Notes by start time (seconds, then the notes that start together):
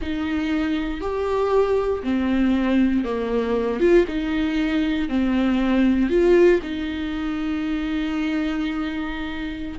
0.01 D#4
1.00 G4
2.03 C4
3.04 A#3
3.80 F4
4.07 D#4
5.08 C4
6.09 F4
6.62 D#4